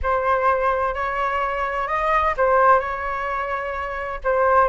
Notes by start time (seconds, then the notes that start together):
0.02 C5
0.94 C#5
1.87 D#5
2.37 C5
2.79 C#5
4.24 C5